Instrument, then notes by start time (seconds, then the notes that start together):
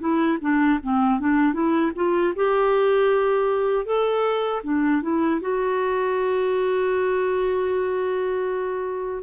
clarinet
0.00 E4
0.42 D4
0.83 C4
1.20 D4
1.54 E4
1.96 F4
2.36 G4
3.86 A4
4.64 D4
5.02 E4
5.42 F#4